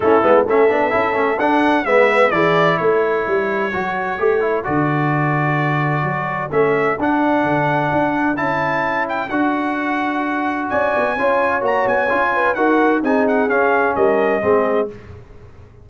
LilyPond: <<
  \new Staff \with { instrumentName = "trumpet" } { \time 4/4 \tempo 4 = 129 a'4 e''2 fis''4 | e''4 d''4 cis''2~ | cis''2 d''2~ | d''2 e''4 fis''4~ |
fis''2 a''4. g''8 | fis''2. gis''4~ | gis''4 ais''8 gis''4. fis''4 | gis''8 fis''8 f''4 dis''2 | }
  \new Staff \with { instrumentName = "horn" } { \time 4/4 e'4 a'2. | b'4 gis'4 a'2~ | a'1~ | a'1~ |
a'1~ | a'2. d''4 | cis''2~ cis''8 b'8 ais'4 | gis'2 ais'4 gis'4 | }
  \new Staff \with { instrumentName = "trombone" } { \time 4/4 cis'8 b8 cis'8 d'8 e'8 cis'8 d'4 | b4 e'2. | fis'4 g'8 e'8 fis'2~ | fis'2 cis'4 d'4~ |
d'2 e'2 | fis'1 | f'4 fis'4 f'4 fis'4 | dis'4 cis'2 c'4 | }
  \new Staff \with { instrumentName = "tuba" } { \time 4/4 a8 gis8 a8 b8 cis'8 a8 d'4 | gis4 e4 a4 g4 | fis4 a4 d2~ | d4 fis4 a4 d'4 |
d4 d'4 cis'2 | d'2. cis'8 b8 | cis'4 ais8 b8 cis'4 dis'4 | c'4 cis'4 g4 gis4 | }
>>